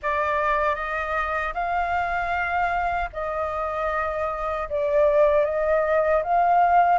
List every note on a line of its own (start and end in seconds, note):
0.02 0.75 D5
0.75 1.53 D#5
1.53 3.09 F5
3.12 4.68 D#5
4.69 5.44 D5
5.44 6.22 D#5
6.23 6.98 F5